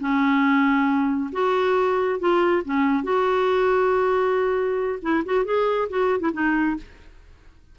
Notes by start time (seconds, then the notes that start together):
0.00 C#4
1.32 F#4
2.19 F4
2.65 C#4
3.04 F#4
5.02 E4
5.25 F#4
5.44 G#4
5.90 F#4
6.20 E4
6.33 D#4